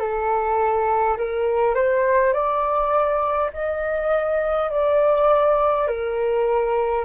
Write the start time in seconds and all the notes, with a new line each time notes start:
0.00 A4
1.18 A#4
1.75 C5
2.34 D5
3.54 D#5
4.71 D5
5.88 A#4